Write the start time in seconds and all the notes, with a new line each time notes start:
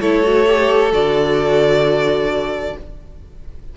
0.00 A3 E4 A4 C#5
0.23 F#4
0.47 G4
0.92 D3 F#4 D5